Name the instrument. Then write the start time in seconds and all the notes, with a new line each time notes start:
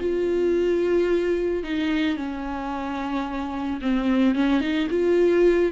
viola
0.00 F4
1.63 D#4
2.16 C#4
3.82 C4
4.35 C#4
4.61 D#4
4.90 F4